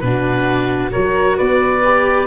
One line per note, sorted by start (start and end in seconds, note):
0.00 0.92 B2
0.00 0.91 D4
0.00 0.92 F#4
0.00 0.91 B4
0.91 1.39 F#3
0.91 1.81 F#4
0.91 1.36 A#4
0.91 1.37 C#5
1.36 2.27 B3
1.36 2.27 B4
1.36 2.27 D5
1.84 2.27 G4